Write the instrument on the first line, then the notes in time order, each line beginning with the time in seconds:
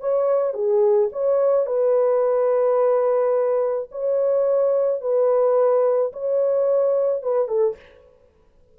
horn
0.00 C#5
0.54 G#4
1.12 C#5
1.66 B4
3.91 C#5
5.01 B4
6.12 C#5
7.22 B4
7.47 A4